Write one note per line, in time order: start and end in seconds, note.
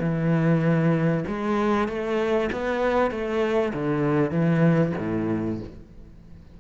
0.00 1.24 E3
1.27 1.88 G#3
1.88 2.50 A3
2.52 3.11 B3
3.11 3.73 A3
3.73 4.31 D3
4.31 4.93 E3
4.98 5.60 A2